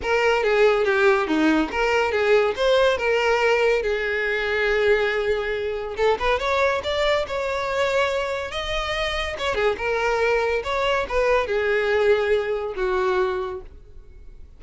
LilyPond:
\new Staff \with { instrumentName = "violin" } { \time 4/4 \tempo 4 = 141 ais'4 gis'4 g'4 dis'4 | ais'4 gis'4 c''4 ais'4~ | ais'4 gis'2.~ | gis'2 a'8 b'8 cis''4 |
d''4 cis''2. | dis''2 cis''8 gis'8 ais'4~ | ais'4 cis''4 b'4 gis'4~ | gis'2 fis'2 | }